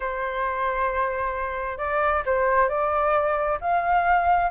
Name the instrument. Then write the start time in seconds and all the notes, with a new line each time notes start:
flute
0.00 C5
1.78 D5
2.25 C5
2.68 D5
3.60 F5